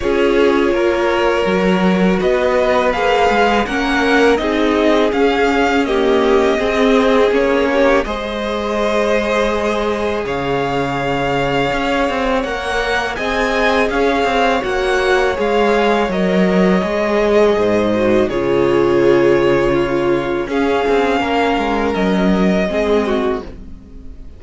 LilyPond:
<<
  \new Staff \with { instrumentName = "violin" } { \time 4/4 \tempo 4 = 82 cis''2. dis''4 | f''4 fis''4 dis''4 f''4 | dis''2 cis''4 dis''4~ | dis''2 f''2~ |
f''4 fis''4 gis''4 f''4 | fis''4 f''4 dis''2~ | dis''4 cis''2. | f''2 dis''2 | }
  \new Staff \with { instrumentName = "violin" } { \time 4/4 gis'4 ais'2 b'4~ | b'4 ais'4 gis'2 | g'4 gis'4. g'8 c''4~ | c''2 cis''2~ |
cis''2 dis''4 cis''4~ | cis''1 | c''4 gis'2 f'4 | gis'4 ais'2 gis'8 fis'8 | }
  \new Staff \with { instrumentName = "viola" } { \time 4/4 f'2 fis'2 | gis'4 cis'4 dis'4 cis'4 | ais4 c'4 cis'4 gis'4~ | gis'1~ |
gis'4 ais'4 gis'2 | fis'4 gis'4 ais'4 gis'4~ | gis'8 fis'8 f'2. | cis'2. c'4 | }
  \new Staff \with { instrumentName = "cello" } { \time 4/4 cis'4 ais4 fis4 b4 | ais8 gis8 ais4 c'4 cis'4~ | cis'4 c'4 ais4 gis4~ | gis2 cis2 |
cis'8 c'8 ais4 c'4 cis'8 c'8 | ais4 gis4 fis4 gis4 | gis,4 cis2. | cis'8 c'8 ais8 gis8 fis4 gis4 | }
>>